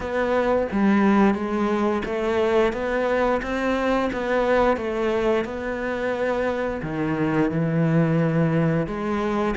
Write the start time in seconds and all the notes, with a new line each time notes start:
0.00 B3
0.72 G3
1.34 G#3
2.05 A3
2.73 B3
3.42 C4
4.12 B3
4.77 A3
5.45 B3
6.82 D#3
7.50 E3
8.86 G#3